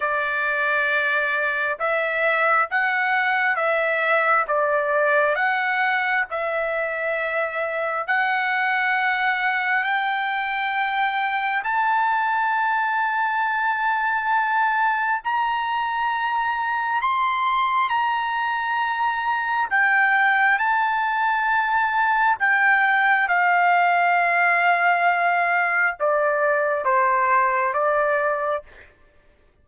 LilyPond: \new Staff \with { instrumentName = "trumpet" } { \time 4/4 \tempo 4 = 67 d''2 e''4 fis''4 | e''4 d''4 fis''4 e''4~ | e''4 fis''2 g''4~ | g''4 a''2.~ |
a''4 ais''2 c'''4 | ais''2 g''4 a''4~ | a''4 g''4 f''2~ | f''4 d''4 c''4 d''4 | }